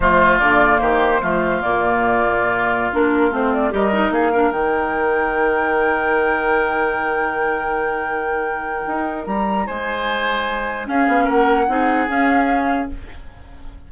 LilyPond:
<<
  \new Staff \with { instrumentName = "flute" } { \time 4/4 \tempo 4 = 149 c''4 d''4 c''2 | d''2.~ d''16 ais'8.~ | ais'16 c''8 d''8 dis''4 f''4 g''8.~ | g''1~ |
g''1~ | g''2. ais''4 | gis''2. f''4 | fis''2 f''2 | }
  \new Staff \with { instrumentName = "oboe" } { \time 4/4 f'2 g'4 f'4~ | f'1~ | f'4~ f'16 ais'4 gis'8 ais'4~ ais'16~ | ais'1~ |
ais'1~ | ais'1 | c''2. gis'4 | ais'4 gis'2. | }
  \new Staff \with { instrumentName = "clarinet" } { \time 4/4 a4 ais2 a4 | ais2.~ ais16 d'8.~ | d'16 c'4 g'8 dis'4 d'8 dis'8.~ | dis'1~ |
dis'1~ | dis'1~ | dis'2. cis'4~ | cis'4 dis'4 cis'2 | }
  \new Staff \with { instrumentName = "bassoon" } { \time 4/4 f4 d4 dis4 f4 | ais,2.~ ais,16 ais8.~ | ais16 a4 g4 ais4 dis8.~ | dis1~ |
dis1~ | dis2 dis'4 g4 | gis2. cis'8 b8 | ais4 c'4 cis'2 | }
>>